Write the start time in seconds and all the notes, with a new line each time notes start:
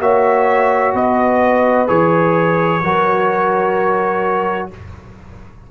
0.00 A#3 F#4 C#5 E5
0.94 B3 B4 D#5
1.87 E3 G#4 C#5
2.82 F#3 F#4 A#4